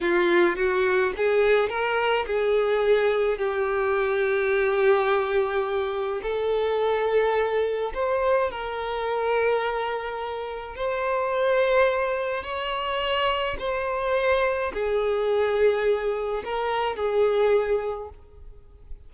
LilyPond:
\new Staff \with { instrumentName = "violin" } { \time 4/4 \tempo 4 = 106 f'4 fis'4 gis'4 ais'4 | gis'2 g'2~ | g'2. a'4~ | a'2 c''4 ais'4~ |
ais'2. c''4~ | c''2 cis''2 | c''2 gis'2~ | gis'4 ais'4 gis'2 | }